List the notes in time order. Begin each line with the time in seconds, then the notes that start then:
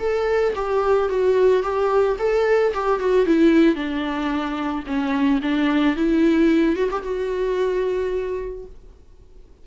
0.00 A4
0.56 G4
1.10 F#4
1.63 G4
2.19 A4
2.74 G4
3.00 F#4
3.26 E4
3.76 D4
4.86 C#4
5.42 D4
5.96 E4
6.76 F#4
6.91 G4
7.03 F#4